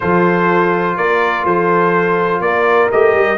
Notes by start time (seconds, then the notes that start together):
0.00 F3 F4 A4 C5
0.96 A#3 A#4 D5
1.44 F3 A4 C5
2.40 A#3 A#4 D5
2.91 A3 G4 D#5
3.14 G3